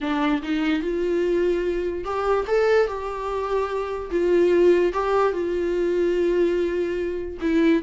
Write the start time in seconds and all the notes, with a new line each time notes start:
0.00 D4
0.42 D#4
0.82 F4
2.04 G4
2.47 A4
2.87 G4
4.10 F4
4.93 G4
5.32 F4
7.41 E4